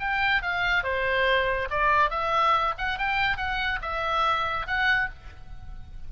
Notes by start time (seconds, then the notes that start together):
0.00 G5
0.42 F5
0.84 C5
1.70 D5
2.10 E5
2.78 F#5
2.98 G5
3.37 F#5
3.82 E5
4.67 F#5